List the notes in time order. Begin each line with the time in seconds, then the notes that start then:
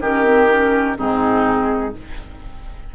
0.00 D#3 C#4 G4 A#4
0.23 C4
0.50 C#4
0.95 G#2 C4 D#4 G#4